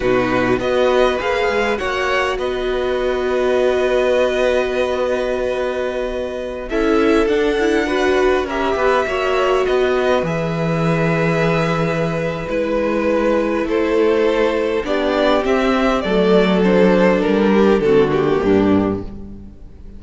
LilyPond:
<<
  \new Staff \with { instrumentName = "violin" } { \time 4/4 \tempo 4 = 101 b'4 dis''4 f''4 fis''4 | dis''1~ | dis''2.~ dis''16 e''8.~ | e''16 fis''2 e''4.~ e''16~ |
e''16 dis''4 e''2~ e''8.~ | e''4 b'2 c''4~ | c''4 d''4 e''4 d''4 | c''4 ais'4 a'8 g'4. | }
  \new Staff \with { instrumentName = "violin" } { \time 4/4 fis'4 b'2 cis''4 | b'1~ | b'2.~ b'16 a'8.~ | a'4~ a'16 b'4 ais'8 b'8 cis''8.~ |
cis''16 b'2.~ b'8.~ | b'2. a'4~ | a'4 g'2 a'4~ | a'4. g'8 fis'4 d'4 | }
  \new Staff \with { instrumentName = "viola" } { \time 4/4 dis'4 fis'4 gis'4 fis'4~ | fis'1~ | fis'2.~ fis'16 e'8.~ | e'16 d'8 e'8 fis'4 g'4 fis'8.~ |
fis'4~ fis'16 gis'2~ gis'8.~ | gis'4 e'2.~ | e'4 d'4 c'4 a4 | d'2 c'8 ais4. | }
  \new Staff \with { instrumentName = "cello" } { \time 4/4 b,4 b4 ais8 gis8 ais4 | b1~ | b2.~ b16 cis'8.~ | cis'16 d'2 cis'8 b8 ais8.~ |
ais16 b4 e2~ e8.~ | e4 gis2 a4~ | a4 b4 c'4 fis4~ | fis4 g4 d4 g,4 | }
>>